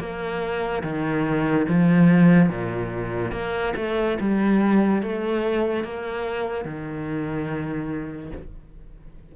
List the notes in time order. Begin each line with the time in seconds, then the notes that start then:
0.00 A#3
0.84 D#3
1.69 F3
2.50 A#2
3.32 A#3
3.77 A3
4.21 G3
5.03 A3
5.85 A#3
6.66 D#3